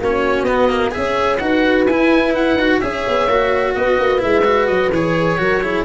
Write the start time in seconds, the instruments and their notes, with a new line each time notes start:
0.00 tuba A#3, cello C#4, horn F#4, oboe C#5
0.42 tuba B3, cello B3, oboe D#5
0.70 cello A#3
0.91 cello G#4, horn C#5, oboe E5
0.97 tuba C#4
1.38 tuba D#4, cello F#4, horn B4, oboe F#5
1.87 tuba E4, cello E4, oboe G#5
2.34 oboe F#5
2.55 tuba D#4, cello F#4
2.80 tuba C#4, cello G#4, horn C#5, oboe E5
3.08 tuba B3
3.28 tuba A#3, cello F#4
3.75 tuba B3, horn B4, oboe D#5
3.99 tuba A#3
4.18 tuba G#3, cello E4, oboe E5
4.44 cello F#4
4.67 tuba F#3, oboe D#5
4.90 tuba E3, cello G#4, oboe C#5
5.38 tuba F#3, cello F#4, horn A#4
5.62 cello E4, horn G#4